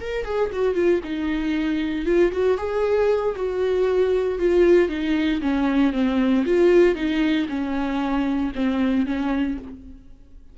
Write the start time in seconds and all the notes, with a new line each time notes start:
0.00 A#4
0.24 G#4
0.52 F#4
0.75 F4
1.03 D#4
2.05 F4
2.32 F#4
2.57 G#4
3.36 F#4
4.38 F4
4.89 D#4
5.41 C#4
5.92 C4
6.45 F4
6.95 D#4
7.48 C#4
8.55 C4
9.06 C#4